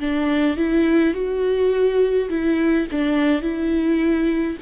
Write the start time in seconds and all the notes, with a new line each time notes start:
0.00 D4
0.57 E4
1.14 F#4
2.30 E4
2.92 D4
3.42 E4